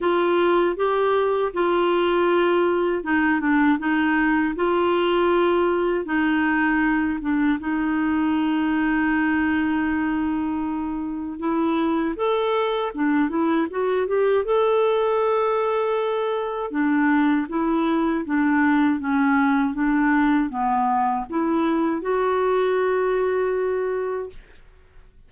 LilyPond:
\new Staff \with { instrumentName = "clarinet" } { \time 4/4 \tempo 4 = 79 f'4 g'4 f'2 | dis'8 d'8 dis'4 f'2 | dis'4. d'8 dis'2~ | dis'2. e'4 |
a'4 d'8 e'8 fis'8 g'8 a'4~ | a'2 d'4 e'4 | d'4 cis'4 d'4 b4 | e'4 fis'2. | }